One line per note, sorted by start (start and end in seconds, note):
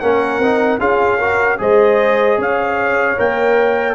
0.00 0.39 A#3
0.00 0.42 C#4
0.00 0.80 A#4
0.00 0.79 F#5
0.39 0.78 C4
0.39 0.80 D#4
0.80 1.59 C#4
0.80 1.19 F4
0.80 1.18 G#4
0.80 1.60 F5
1.18 1.58 F#4
1.18 1.58 A#4
1.58 2.38 G#3
1.58 3.16 G#4
1.58 2.38 C5
1.58 2.40 D#5
2.38 3.17 C#4
2.38 3.95 C#5
2.38 3.20 F5
3.18 3.95 A#3
3.18 3.95 A#4
3.18 3.95 G5